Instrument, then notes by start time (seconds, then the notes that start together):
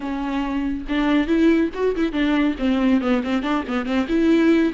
viola
0.00 C#4
0.88 D4
1.27 E4
1.74 F#4
1.96 E4
2.12 D4
2.58 C4
3.01 B3
3.23 C4
3.42 D4
3.67 B3
3.85 C4
4.08 E4